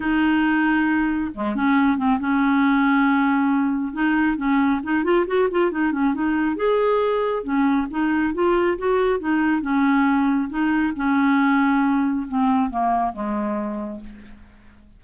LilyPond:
\new Staff \with { instrumentName = "clarinet" } { \time 4/4 \tempo 4 = 137 dis'2. gis8 cis'8~ | cis'8 c'8 cis'2.~ | cis'4 dis'4 cis'4 dis'8 f'8 | fis'8 f'8 dis'8 cis'8 dis'4 gis'4~ |
gis'4 cis'4 dis'4 f'4 | fis'4 dis'4 cis'2 | dis'4 cis'2. | c'4 ais4 gis2 | }